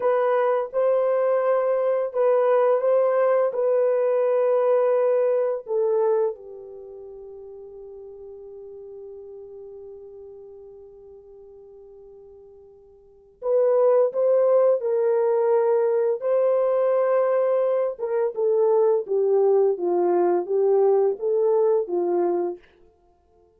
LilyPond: \new Staff \with { instrumentName = "horn" } { \time 4/4 \tempo 4 = 85 b'4 c''2 b'4 | c''4 b'2. | a'4 g'2.~ | g'1~ |
g'2. b'4 | c''4 ais'2 c''4~ | c''4. ais'8 a'4 g'4 | f'4 g'4 a'4 f'4 | }